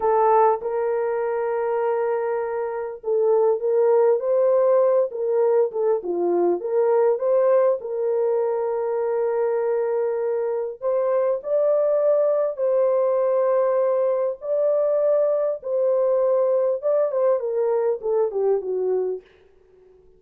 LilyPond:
\new Staff \with { instrumentName = "horn" } { \time 4/4 \tempo 4 = 100 a'4 ais'2.~ | ais'4 a'4 ais'4 c''4~ | c''8 ais'4 a'8 f'4 ais'4 | c''4 ais'2.~ |
ais'2 c''4 d''4~ | d''4 c''2. | d''2 c''2 | d''8 c''8 ais'4 a'8 g'8 fis'4 | }